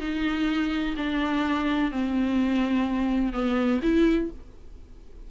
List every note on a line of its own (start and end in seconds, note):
0.00 0.95 D#4
0.97 1.91 D4
1.91 3.33 C4
3.33 3.81 B3
3.83 4.30 E4